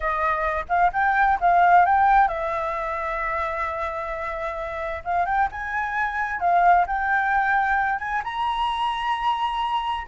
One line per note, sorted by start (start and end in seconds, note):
0.00 0.65 D#5
0.68 0.91 F5
0.92 1.38 G5
1.40 1.85 F5
1.85 2.28 G5
2.28 5.03 E5
5.04 5.25 F5
5.25 5.48 G5
5.51 6.40 G#5
6.40 6.85 F5
6.86 7.99 G5
7.99 8.22 G#5
8.24 10.07 A#5